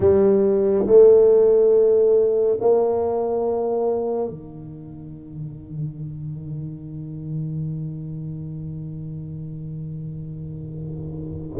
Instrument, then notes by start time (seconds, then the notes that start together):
tuba
0.00 G3
0.86 A3
2.60 A#3
4.29 D#3